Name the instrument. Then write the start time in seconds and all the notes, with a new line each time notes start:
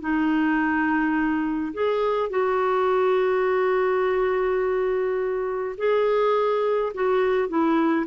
clarinet
0.00 D#4
1.73 G#4
2.30 F#4
5.77 G#4
6.94 F#4
7.48 E4